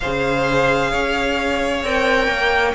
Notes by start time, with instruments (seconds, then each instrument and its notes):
0.00 cello C#3, viola G#4, violin C5 F5
0.91 cello C#4, violin C#5
1.82 cello C4, viola A#4, violin G5
2.27 cello A#3